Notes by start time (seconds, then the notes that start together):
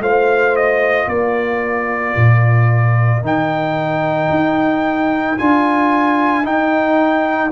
0.00 A3 F4 C5 F5
0.56 D#5
1.08 A#3 A#4 D5
2.16 A#2
3.23 D#3 D#4 G5
4.31 D#4
5.38 D4 F4 G#5
6.44 D#4 G5